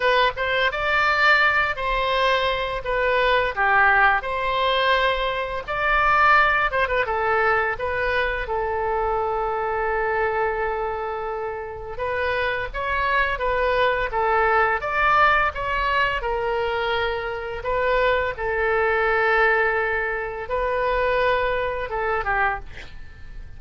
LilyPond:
\new Staff \with { instrumentName = "oboe" } { \time 4/4 \tempo 4 = 85 b'8 c''8 d''4. c''4. | b'4 g'4 c''2 | d''4. c''16 b'16 a'4 b'4 | a'1~ |
a'4 b'4 cis''4 b'4 | a'4 d''4 cis''4 ais'4~ | ais'4 b'4 a'2~ | a'4 b'2 a'8 g'8 | }